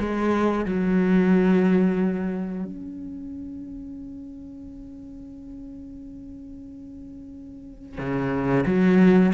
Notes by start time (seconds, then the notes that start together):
0.00 G#3
0.66 F#3
2.65 C#4
7.98 C#3
8.66 F#3